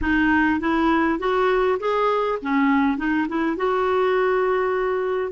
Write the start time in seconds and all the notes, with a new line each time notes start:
0.01 D#4
0.60 E4
1.19 F#4
1.79 G#4
2.41 C#4
2.97 D#4
3.28 E4
3.56 F#4